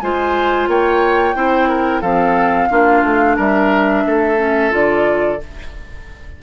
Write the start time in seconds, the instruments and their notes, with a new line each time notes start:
0.00 bassoon G#3, clarinet F4, oboe C5, flute G#5
0.67 bassoon A#3, oboe C#5, flute G5
1.35 bassoon C4, clarinet E4, oboe C5
1.69 oboe A#4
2.01 bassoon F3, clarinet C4, oboe A4, flute F5
2.70 bassoon A#3, clarinet D4, oboe F4
3.03 bassoon A3
3.36 bassoon G3, oboe A#4, flute E5
4.06 bassoon A3, oboe A4
4.37 clarinet C#4
4.70 bassoon D3, clarinet F4, flute D5